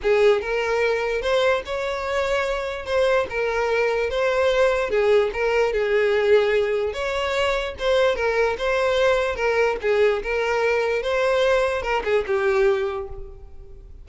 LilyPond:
\new Staff \with { instrumentName = "violin" } { \time 4/4 \tempo 4 = 147 gis'4 ais'2 c''4 | cis''2. c''4 | ais'2 c''2 | gis'4 ais'4 gis'2~ |
gis'4 cis''2 c''4 | ais'4 c''2 ais'4 | gis'4 ais'2 c''4~ | c''4 ais'8 gis'8 g'2 | }